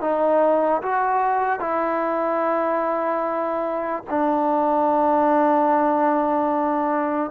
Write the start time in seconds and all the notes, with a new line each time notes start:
0.00 D#4
0.82 F#4
1.60 E4
4.09 D4